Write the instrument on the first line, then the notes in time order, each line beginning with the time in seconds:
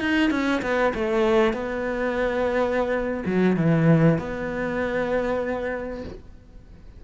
cello
0.00 D#4
0.30 C#4
0.62 B3
0.94 A3
1.53 B3
3.26 F#3
3.56 E3
4.18 B3